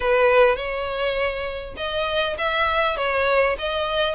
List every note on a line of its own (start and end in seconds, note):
0.00 0.56 B4
0.56 1.74 C#5
1.77 2.36 D#5
2.38 2.96 E5
2.96 3.56 C#5
3.58 4.15 D#5